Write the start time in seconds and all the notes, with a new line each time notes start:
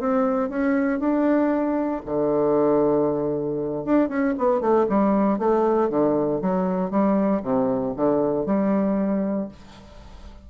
0.00 C4
0.50 C#4
1.00 D4
2.06 D3
3.85 D4
4.09 C#4
4.38 B3
4.61 A3
4.89 G3
5.39 A3
5.90 D3
6.41 F#3
6.91 G3
7.43 C3
7.97 D3
8.46 G3